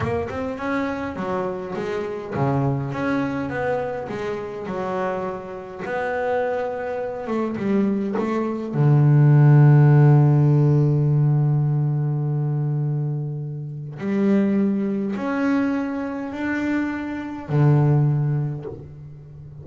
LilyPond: \new Staff \with { instrumentName = "double bass" } { \time 4/4 \tempo 4 = 103 ais8 c'8 cis'4 fis4 gis4 | cis4 cis'4 b4 gis4 | fis2 b2~ | b8 a8 g4 a4 d4~ |
d1~ | d1 | g2 cis'2 | d'2 d2 | }